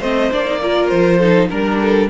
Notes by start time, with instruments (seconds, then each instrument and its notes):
0.00 cello A3, viola C4, violin C5 D#5
0.32 cello A#3, viola D4, violin D5
0.45 viola D#4
0.63 viola F4, violin A#4
0.88 cello F3, violin C5
1.19 viola D#4, violin A4
1.49 cello G3, viola D4, violin A#4
1.82 violin A4